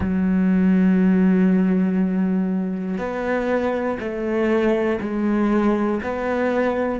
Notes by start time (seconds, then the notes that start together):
0.00 F#3
2.97 B3
3.99 A3
5.00 G#3
6.03 B3